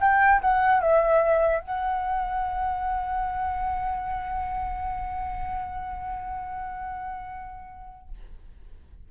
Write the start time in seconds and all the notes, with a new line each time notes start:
0.00 G5
0.41 F#5
0.81 E5
1.60 F#5